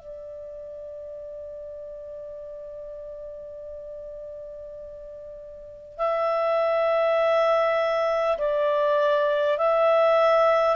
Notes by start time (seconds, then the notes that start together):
0.00 D5
5.98 E5
8.39 D5
9.59 E5